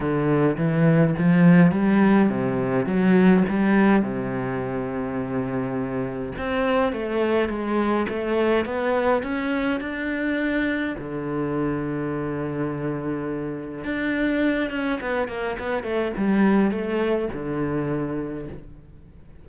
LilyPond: \new Staff \with { instrumentName = "cello" } { \time 4/4 \tempo 4 = 104 d4 e4 f4 g4 | c4 fis4 g4 c4~ | c2. c'4 | a4 gis4 a4 b4 |
cis'4 d'2 d4~ | d1 | d'4. cis'8 b8 ais8 b8 a8 | g4 a4 d2 | }